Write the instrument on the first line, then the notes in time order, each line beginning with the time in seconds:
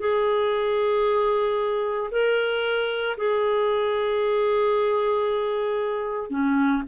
clarinet
0.00 G#4
2.11 A#4
3.17 G#4
6.30 C#4